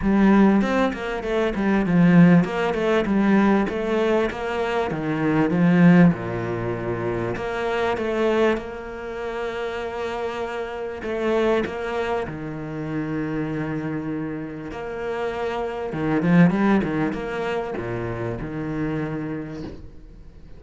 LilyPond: \new Staff \with { instrumentName = "cello" } { \time 4/4 \tempo 4 = 98 g4 c'8 ais8 a8 g8 f4 | ais8 a8 g4 a4 ais4 | dis4 f4 ais,2 | ais4 a4 ais2~ |
ais2 a4 ais4 | dis1 | ais2 dis8 f8 g8 dis8 | ais4 ais,4 dis2 | }